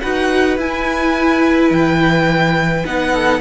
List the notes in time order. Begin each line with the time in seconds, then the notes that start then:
0.00 D#4 F#4 B4 F#5
0.57 E4 G#5
1.70 E3 G5
2.85 B3 D#4 F#5
3.11 A4